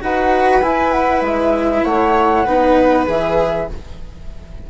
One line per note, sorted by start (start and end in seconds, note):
0.00 0.62 D#4
0.00 0.61 F#4
0.00 1.84 B4
0.00 0.62 F#5
0.62 1.21 E4
0.62 2.46 E4
0.62 0.92 G#5
0.92 1.22 F#5
1.21 1.82 G#3
1.21 1.84 E5
1.84 2.45 A3
1.84 2.44 C#5
1.84 3.06 F#5
2.44 3.07 B3
2.44 3.06 D#4
2.44 3.67 B4
3.06 3.69 E3
3.06 3.67 G#4
3.06 3.70 E5